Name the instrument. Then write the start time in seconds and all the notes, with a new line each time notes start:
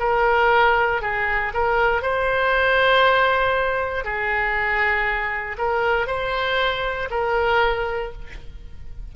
oboe
0.00 A#4
1.02 G#4
1.54 A#4
2.02 C5
4.05 G#4
5.58 A#4
6.07 C5
7.11 A#4